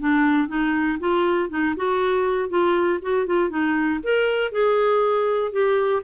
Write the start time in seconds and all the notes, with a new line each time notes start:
0.00 D4
0.49 D#4
1.00 F4
1.50 D#4
1.77 F#4
2.50 F4
3.03 F#4
3.27 F4
3.50 D#4
4.04 A#4
4.52 G#4
5.53 G4